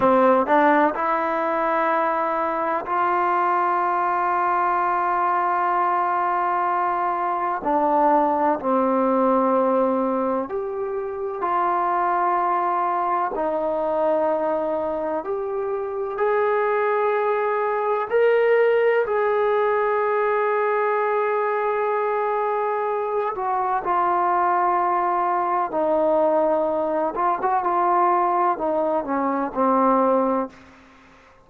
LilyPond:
\new Staff \with { instrumentName = "trombone" } { \time 4/4 \tempo 4 = 63 c'8 d'8 e'2 f'4~ | f'1 | d'4 c'2 g'4 | f'2 dis'2 |
g'4 gis'2 ais'4 | gis'1~ | gis'8 fis'8 f'2 dis'4~ | dis'8 f'16 fis'16 f'4 dis'8 cis'8 c'4 | }